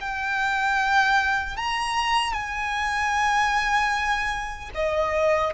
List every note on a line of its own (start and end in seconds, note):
0.00 1.56 G5
1.56 2.33 A#5
2.33 4.70 G#5
4.74 5.53 D#5